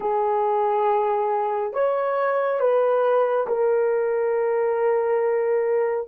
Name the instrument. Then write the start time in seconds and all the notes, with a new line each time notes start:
horn
0.00 G#4
1.73 C#5
2.59 B4
3.47 A#4